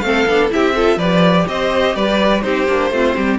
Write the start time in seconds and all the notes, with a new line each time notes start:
0.00 A3 C4 F5
0.07 A4
0.27 B3 D4
0.50 C4 E4 G4 E5
0.75 F4 A4
0.97 F3 G4 B4 D5
1.48 C4 C5 D#5
1.96 G3 B4 D5
2.42 C4 D#4 G4 C5
2.68 A#3 D4
2.91 A3 C4 F4
3.16 G3 G4